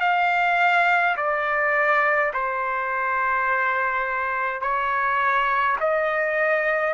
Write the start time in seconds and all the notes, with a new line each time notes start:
0.00 F5
1.16 D5
2.33 C5
4.61 C#5
5.80 D#5